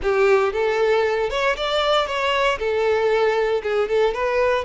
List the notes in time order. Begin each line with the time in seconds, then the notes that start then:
0.02 G4
0.52 A4
1.30 C#5
1.56 D5
2.06 C#5
2.58 A4
3.62 G#4
3.88 A4
4.14 B4